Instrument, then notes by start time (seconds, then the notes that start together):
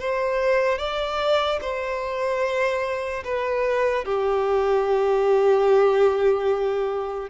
violin
0.00 C5
0.79 D5
1.62 C5
3.25 B4
4.05 G4